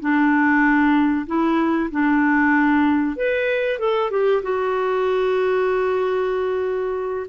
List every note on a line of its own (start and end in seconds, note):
0.00 1.26 D4
1.27 1.90 E4
1.91 3.16 D4
3.16 3.79 B4
3.79 4.11 A4
4.11 4.42 G4
4.42 7.27 F#4